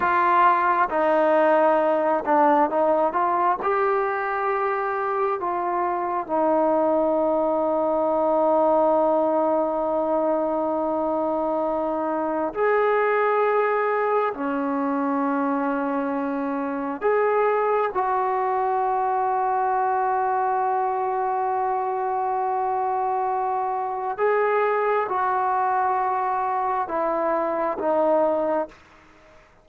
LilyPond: \new Staff \with { instrumentName = "trombone" } { \time 4/4 \tempo 4 = 67 f'4 dis'4. d'8 dis'8 f'8 | g'2 f'4 dis'4~ | dis'1~ | dis'2 gis'2 |
cis'2. gis'4 | fis'1~ | fis'2. gis'4 | fis'2 e'4 dis'4 | }